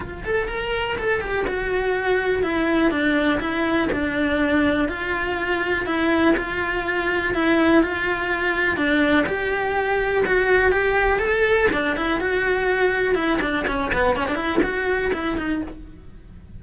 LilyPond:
\new Staff \with { instrumentName = "cello" } { \time 4/4 \tempo 4 = 123 f'8 a'8 ais'4 a'8 g'8 fis'4~ | fis'4 e'4 d'4 e'4 | d'2 f'2 | e'4 f'2 e'4 |
f'2 d'4 g'4~ | g'4 fis'4 g'4 a'4 | d'8 e'8 fis'2 e'8 d'8 | cis'8 b8 cis'16 d'16 e'8 fis'4 e'8 dis'8 | }